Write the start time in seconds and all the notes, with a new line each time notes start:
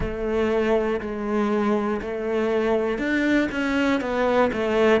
0.00 A3
1.00 G#3
2.01 A3
2.98 D4
3.51 C#4
4.00 B3
4.53 A3